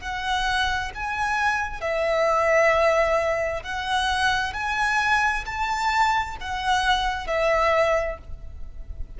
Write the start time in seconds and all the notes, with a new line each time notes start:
0.00 F#5
0.94 G#5
1.81 E5
3.62 F#5
4.53 G#5
5.45 A5
6.40 F#5
7.27 E5